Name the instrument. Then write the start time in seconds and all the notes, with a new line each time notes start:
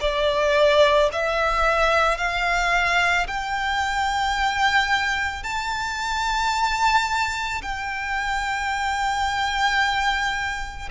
violin
0.00 D5
1.12 E5
2.17 F5
3.27 G5
5.43 A5
7.62 G5